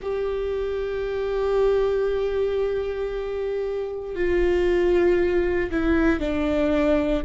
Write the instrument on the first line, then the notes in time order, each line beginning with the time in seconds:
viola
0.01 G4
4.15 F4
5.70 E4
6.19 D4